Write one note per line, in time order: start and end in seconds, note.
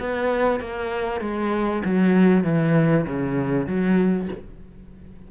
0.00 0.60 B3
0.60 1.21 A#3
1.21 1.83 G#3
1.85 2.44 F#3
2.44 3.06 E3
3.07 3.67 C#3
3.67 4.28 F#3